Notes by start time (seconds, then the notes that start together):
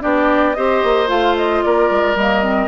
0.00 B3 D4 G4 D5
0.54 C4 G4 C5 D#5
0.83 A#3
1.07 A3 F4 F5
1.36 D#5
1.62 A#3 A#4 D5
1.90 G#3
2.15 G3 A#3 D#5
2.42 C4